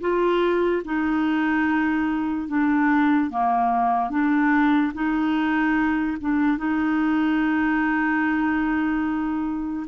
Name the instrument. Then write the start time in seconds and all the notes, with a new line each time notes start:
clarinet
0.00 F4
0.84 D#4
2.48 D4
3.30 A#3
4.10 D4
4.94 D#4
6.20 D4
6.57 D#4